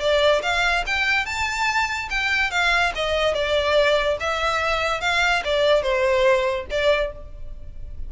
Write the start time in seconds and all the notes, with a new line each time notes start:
0.00 D5
0.43 F5
0.87 G5
1.26 A5
2.10 G5
2.51 F5
2.95 D#5
3.34 D5
4.20 E5
5.01 F5
5.45 D5
5.83 C5
6.71 D5